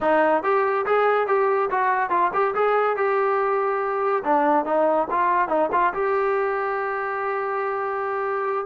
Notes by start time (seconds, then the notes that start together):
0.00 D#4
0.43 G4
0.86 G#4
1.27 G4
1.70 F#4
2.10 F4
2.33 G4
2.54 G#4
2.96 G4
4.24 D4
4.65 D#4
5.10 F4
5.48 D#4
5.72 F4
5.93 G4